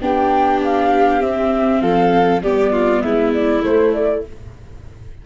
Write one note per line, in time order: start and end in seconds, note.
0.00 1.22 B3
0.00 1.21 D4
0.00 1.82 G4
0.00 0.61 G5
0.64 1.22 F5
1.21 2.42 C4
1.21 1.81 C4
1.21 1.81 E5
1.81 2.42 F3
1.81 2.42 A4
1.81 2.42 F5
2.42 3.02 G3
2.42 3.62 B3
2.42 2.73 G4
2.42 3.02 D5
2.73 3.03 F4
3.02 3.64 G#3
3.02 4.26 E4
3.02 3.32 E5
3.33 3.64 D5
3.62 4.22 A3
3.62 4.26 A3
3.62 3.93 C5
3.93 4.24 D5